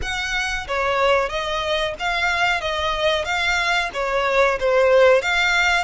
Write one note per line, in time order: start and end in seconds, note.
0.02 0.67 F#5
0.67 1.29 C#5
1.29 1.94 D#5
1.99 2.61 F5
2.61 3.24 D#5
3.24 3.90 F5
3.93 4.58 C#5
4.59 5.21 C5
5.21 5.84 F5